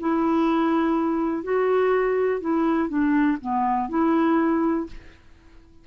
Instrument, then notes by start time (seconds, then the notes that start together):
clarinet
0.00 E4
1.43 F#4
2.41 E4
2.89 D4
3.41 B3
3.89 E4